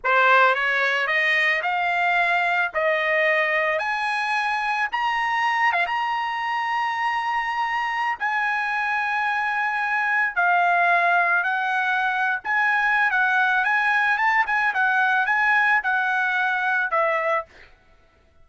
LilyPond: \new Staff \with { instrumentName = "trumpet" } { \time 4/4 \tempo 4 = 110 c''4 cis''4 dis''4 f''4~ | f''4 dis''2 gis''4~ | gis''4 ais''4. f''16 ais''4~ ais''16~ | ais''2. gis''4~ |
gis''2. f''4~ | f''4 fis''4.~ fis''16 gis''4~ gis''16 | fis''4 gis''4 a''8 gis''8 fis''4 | gis''4 fis''2 e''4 | }